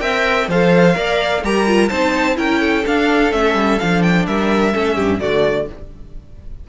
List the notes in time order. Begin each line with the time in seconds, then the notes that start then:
0.00 C4 A#4 E5 G5
0.47 F3 A4 C5 F5
0.94 A#3 A#4 D5
1.43 G3 G4 A#4 A#5
1.66 F4
1.88 C4 D#4 C5 A5
2.35 C#4 E4 A#4 G5
2.60 A4
2.86 D4 F5
3.31 A3 C#4 E5
3.54 G3
3.79 F3 D4 F5
4.02 G5
4.26 G3 A#4 E5
4.73 A3 C#4 A4
4.96 G2 G4
5.20 D3 A3 F#4 D5